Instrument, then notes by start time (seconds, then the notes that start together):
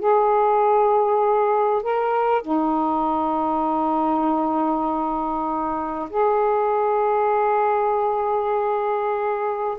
saxophone
0.00 G#4
1.83 A#4
2.43 D#4
6.10 G#4